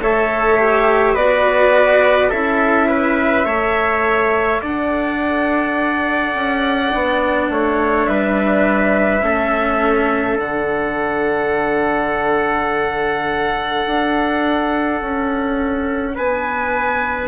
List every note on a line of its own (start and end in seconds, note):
0.00 1.15 A3
0.00 0.57 A4
0.00 1.14 C#5
0.00 1.15 E5
0.57 1.15 G4
1.14 2.31 B3
1.14 2.30 F#4
1.14 2.29 B4
1.14 2.31 D5
2.29 3.45 C#4
2.29 3.43 E4
2.29 2.87 A4
2.29 4.61 E5
2.88 3.45 B4
3.43 4.61 A3
3.43 6.89 A4
3.43 4.60 C#5
4.61 6.34 D4
4.61 7.50 D5
4.61 8.06 F#5
6.34 6.92 C#4
6.89 7.49 B3
6.89 9.20 D4
7.49 8.07 A3
7.49 8.09 C#5
8.06 9.22 G3
8.06 9.24 B4
8.06 10.36 E5
9.21 10.37 A3
9.21 10.36 C#4
9.21 16.14 A4
10.36 13.84 D3
10.36 17.27 D4
10.36 16.16 F#5
13.86 15.01 D4
15.01 16.16 C#4
16.14 17.27 B3
16.14 17.27 B4
16.14 17.27 G#5